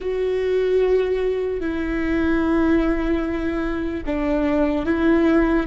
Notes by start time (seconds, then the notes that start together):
0.00 F#4
1.60 E4
4.05 D4
4.85 E4